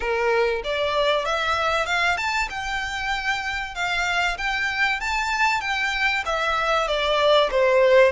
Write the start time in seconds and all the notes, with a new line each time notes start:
0.00 A#4
0.63 D5
1.25 E5
1.86 F5
2.17 A5
2.49 G5
3.74 F5
4.38 G5
5.00 A5
5.61 G5
6.25 E5
6.87 D5
7.51 C5